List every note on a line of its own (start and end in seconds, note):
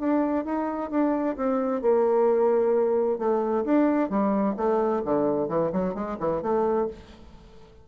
0.00 0.45 D4
0.45 0.91 D#4
0.91 1.37 D4
1.37 1.82 C4
1.82 3.19 A#3
3.19 3.65 A3
3.65 4.10 D4
4.10 4.56 G3
4.57 5.03 A3
5.05 5.49 D3
5.49 5.72 E3
5.73 5.95 F#3
5.95 6.17 G#3
6.20 6.42 E3
6.42 6.88 A3